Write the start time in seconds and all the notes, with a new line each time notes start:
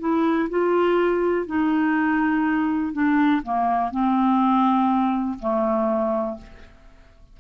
0.00 E4
0.50 F4
1.47 D#4
2.93 D4
3.43 A#3
3.91 C4
5.40 A3